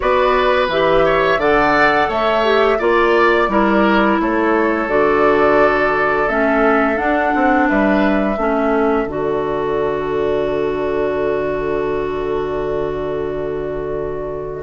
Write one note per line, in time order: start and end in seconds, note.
0.00 0.68 B3
0.00 0.68 F#4
0.00 1.05 B4
0.00 0.68 D5
0.68 1.37 E3
0.68 1.39 G4
0.68 1.40 E5
1.05 1.39 C#5
1.37 2.07 D3
1.37 2.43 A4
1.37 2.08 D5
1.37 2.10 F#5
2.08 2.78 A3
2.08 2.78 C#5
2.08 2.80 E5
2.43 2.78 G4
2.78 3.48 A#3
2.78 3.48 F4
2.78 3.48 D5
2.78 4.20 D5
3.48 4.17 G3
3.48 4.87 E4
3.48 4.21 A#4
4.20 4.87 A3
4.20 7.68 A4
4.20 4.89 C#5
4.87 6.27 D3
4.87 6.27 F#4
4.87 6.28 D5
6.28 6.98 A3
6.28 6.95 C#4
6.28 6.97 E5
6.95 8.35 D4
6.95 7.33 D4
6.95 7.67 F#5
7.34 7.69 C4
7.68 8.37 G3
7.68 8.38 B4
7.68 9.07 E5
8.37 9.05 A3
8.37 9.07 C#4
8.37 14.63 A4
9.05 14.63 D3
9.05 14.63 F#4
9.05 14.63 D5